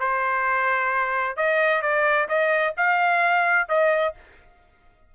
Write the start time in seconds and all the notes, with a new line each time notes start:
0.00 C5
1.37 D#5
1.82 D5
2.29 D#5
2.77 F5
3.69 D#5